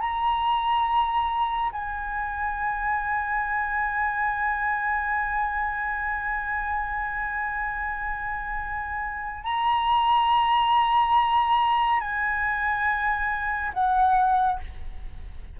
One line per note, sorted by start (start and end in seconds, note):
0.00 1.71 A#5
1.73 9.44 G#5
9.44 12.00 A#5
12.00 13.72 G#5
13.74 14.60 F#5